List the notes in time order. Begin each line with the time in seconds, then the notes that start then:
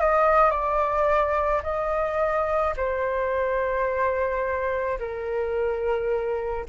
0.00 D#5
0.51 D5
1.63 D#5
2.76 C5
4.99 A#4